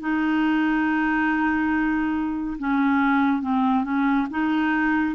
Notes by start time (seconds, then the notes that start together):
0.00 D#4
2.58 C#4
3.42 C4
3.84 C#4
4.31 D#4